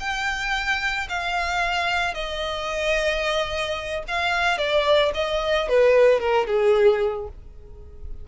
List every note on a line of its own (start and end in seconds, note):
0.00 1.08 G5
1.09 2.14 F5
2.14 4.04 D#5
4.08 4.58 F5
4.58 5.12 D5
5.15 5.69 D#5
5.69 6.20 B4
6.20 6.47 A#4
6.47 7.29 G#4